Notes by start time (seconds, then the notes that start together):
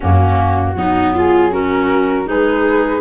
0.00 F#2 A#3 C#4 F#4
0.75 F#3 B3 D#4
1.15 F4 G#4
1.51 C#4 F#4 A#4
2.25 G#3 D#4 G#4 B4